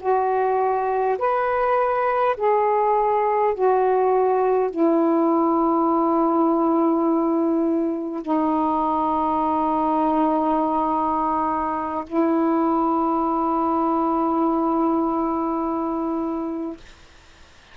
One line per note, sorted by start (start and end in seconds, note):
0.00 1.18 F#4
1.18 2.36 B4
2.37 3.54 G#4
3.54 4.71 F#4
4.71 8.22 E4
8.22 12.04 D#4
12.06 16.77 E4